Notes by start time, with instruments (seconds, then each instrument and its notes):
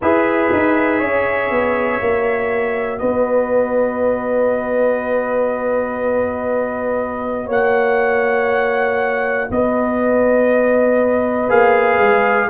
0.01 tuba E4, trombone G#4, horn B4, trumpet E5
0.52 tuba D#4
0.99 tuba C#4, horn C#5
1.50 tuba B3
2.00 tuba A#3, trombone F#4
2.98 tuba B3, horn B4, trumpet D#5
7.45 tuba A#3, horn C#5, trumpet F#5
9.50 tuba B3, horn B4, trumpet D#5
11.48 tuba A#3, trombone G#4, trumpet F5
11.98 tuba G#3